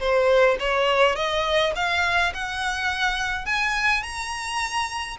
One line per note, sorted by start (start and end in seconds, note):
0.00 0.57 C5
0.59 1.16 C#5
1.16 1.73 D#5
1.76 2.33 F5
2.34 3.46 F#5
3.46 4.03 G#5
4.03 5.17 A#5